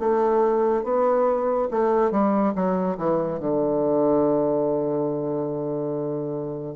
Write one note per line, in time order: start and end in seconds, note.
0.00 0.84 A3
0.84 1.69 B3
1.71 2.12 A3
2.12 2.54 G3
2.55 2.98 F#3
2.98 3.40 E3
3.40 6.76 D3